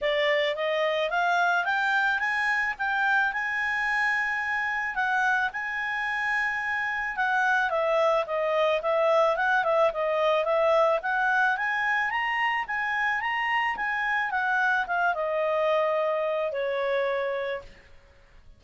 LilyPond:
\new Staff \with { instrumentName = "clarinet" } { \time 4/4 \tempo 4 = 109 d''4 dis''4 f''4 g''4 | gis''4 g''4 gis''2~ | gis''4 fis''4 gis''2~ | gis''4 fis''4 e''4 dis''4 |
e''4 fis''8 e''8 dis''4 e''4 | fis''4 gis''4 ais''4 gis''4 | ais''4 gis''4 fis''4 f''8 dis''8~ | dis''2 cis''2 | }